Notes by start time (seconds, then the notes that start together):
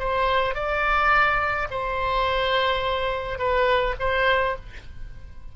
0.00 C5
0.55 D5
1.71 C5
3.39 B4
4.00 C5